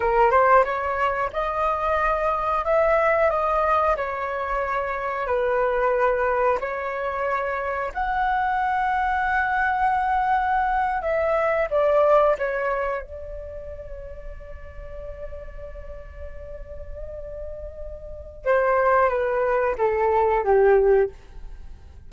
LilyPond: \new Staff \with { instrumentName = "flute" } { \time 4/4 \tempo 4 = 91 ais'8 c''8 cis''4 dis''2 | e''4 dis''4 cis''2 | b'2 cis''2 | fis''1~ |
fis''8. e''4 d''4 cis''4 d''16~ | d''1~ | d''1 | c''4 b'4 a'4 g'4 | }